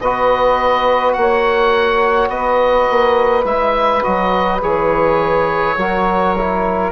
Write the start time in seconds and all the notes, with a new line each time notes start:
0.00 B3 F#4 B4 D#5
1.13 A#3 F#5
1.19 C#5
2.28 B3 B4 D#5
2.90 A#3
3.44 G#3 E4 E5
4.02 F#3 F#4 D#5
4.61 E3 G#4 C#5
5.76 F#3 F#4 A#4
6.37 E4